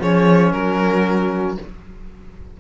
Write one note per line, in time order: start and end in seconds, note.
0.00 0.53 F3
0.00 1.58 C#4
0.00 0.53 G#4
0.00 0.52 C#5
0.52 1.58 F#3
0.52 1.60 F#4
0.52 1.57 A#4